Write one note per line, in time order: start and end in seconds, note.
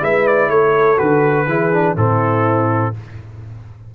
0.00 0.49 G#3
0.00 0.97 E4
0.00 0.51 B4
0.00 0.27 E5
0.27 0.50 D5
0.49 0.98 A3
0.49 1.48 A4
0.49 0.99 C#5
0.97 1.47 D3
0.97 1.46 F#4
0.97 1.96 B4
1.47 1.96 E3
1.47 1.73 E4
1.47 1.97 G#4
1.73 1.97 D4
1.97 2.94 A2
1.97 2.94 C4
1.97 2.95 E4
1.97 2.95 A4